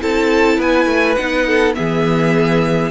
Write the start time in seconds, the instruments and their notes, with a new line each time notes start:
0.00 cello C4, viola E4, violin A4 A5
0.57 cello B3, violin B4 G#5
0.86 cello A3
1.15 cello B3, viola D#4, violin F#5
1.46 violin A4
1.74 cello E3, viola B3, violin G#4 E5